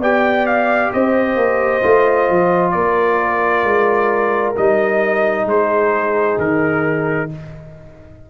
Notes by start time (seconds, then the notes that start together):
0.00 B3 G4 D5 G5
0.47 F5
0.93 C4 C5 D#5
1.36 A#3
1.83 A3 F4
2.30 F3
2.71 A#3 A#4 D5
3.64 G#3
4.57 G3 D#4 D#5
5.46 G#3 G#4 C5
6.38 D#3 A#4